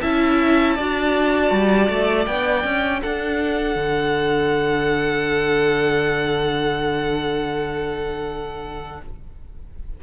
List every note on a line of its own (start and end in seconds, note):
0.00 0.78 C#4
0.00 0.77 E4
0.00 0.75 E5
0.00 2.25 A5
0.75 1.51 D4
0.75 2.27 F#4
0.75 3.00 D5
1.51 1.88 G3
1.89 2.26 A3
2.26 2.64 B3
2.26 9.02 D4
2.26 3.01 G5
2.64 3.02 C#4
3.00 3.75 D4
3.00 9.00 A4
3.00 9.03 F#5
3.75 9.00 D3